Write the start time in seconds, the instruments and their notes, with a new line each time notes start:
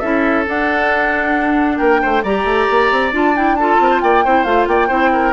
0.00 bassoon C#4, clarinet E4, oboe A4, flute E5
0.45 clarinet D4, bassoon D4, flute F#5
1.78 bassoon A#3, oboe A#4, flute G5
2.02 bassoon A3, oboe C5
2.23 bassoon G3, clarinet G4, oboe D5, flute A#5
2.45 bassoon A3
2.70 bassoon A#3
2.92 bassoon C4
3.12 bassoon D4, clarinet F4, flute A5
3.35 clarinet E4, flute G5
3.56 clarinet F4, oboe A4, flute A5
3.80 bassoon C4, oboe A#4
3.90 oboe C5
4.01 bassoon A#3, oboe D5, flute G5
4.25 bassoon C4, clarinet E4, oboe C5
4.44 bassoon A3, clarinet F4, flute F5
4.67 bassoon A#3, oboe D5, flute G5
4.88 bassoon C4, clarinet E4, oboe C5
5.13 oboe A#4